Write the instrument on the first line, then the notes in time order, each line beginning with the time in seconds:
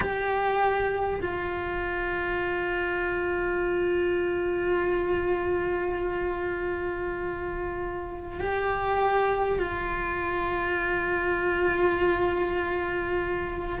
cello
0.00 G4
1.21 F4
8.39 G4
9.58 F4